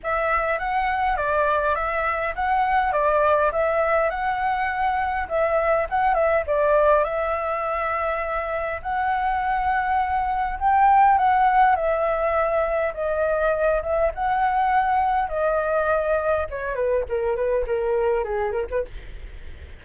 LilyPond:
\new Staff \with { instrumentName = "flute" } { \time 4/4 \tempo 4 = 102 e''4 fis''4 d''4 e''4 | fis''4 d''4 e''4 fis''4~ | fis''4 e''4 fis''8 e''8 d''4 | e''2. fis''4~ |
fis''2 g''4 fis''4 | e''2 dis''4. e''8 | fis''2 dis''2 | cis''8 b'8 ais'8 b'8 ais'4 gis'8 ais'16 b'16 | }